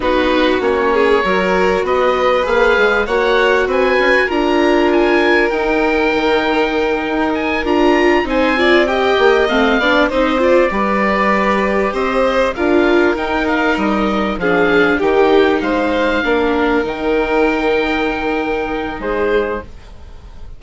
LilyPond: <<
  \new Staff \with { instrumentName = "oboe" } { \time 4/4 \tempo 4 = 98 b'4 cis''2 dis''4 | f''4 fis''4 gis''4 ais''4 | gis''4 g''2. | gis''8 ais''4 gis''4 g''4 f''8~ |
f''8 dis''8 d''2~ d''8 dis''8~ | dis''8 f''4 g''8 f''8 dis''4 f''8~ | f''8 g''4 f''2 g''8~ | g''2. c''4 | }
  \new Staff \with { instrumentName = "violin" } { \time 4/4 fis'4. gis'8 ais'4 b'4~ | b'4 cis''4 b'4 ais'4~ | ais'1~ | ais'4. c''8 d''8 dis''4. |
d''8 c''4 b'2 c''8~ | c''8 ais'2. gis'8~ | gis'8 g'4 c''4 ais'4.~ | ais'2. gis'4 | }
  \new Staff \with { instrumentName = "viola" } { \time 4/4 dis'4 cis'4 fis'2 | gis'4 fis'2 f'4~ | f'4 dis'2.~ | dis'8 f'4 dis'8 f'8 g'4 c'8 |
d'8 dis'8 f'8 g'2~ g'8~ | g'8 f'4 dis'2 d'8~ | d'8 dis'2 d'4 dis'8~ | dis'1 | }
  \new Staff \with { instrumentName = "bassoon" } { \time 4/4 b4 ais4 fis4 b4 | ais8 gis8 ais4 c'8 cis'16 fis'16 d'4~ | d'4 dis'4 dis4. dis'8~ | dis'8 d'4 c'4. ais8 a8 |
b8 c'4 g2 c'8~ | c'8 d'4 dis'4 g4 f8~ | f8 dis4 gis4 ais4 dis8~ | dis2. gis4 | }
>>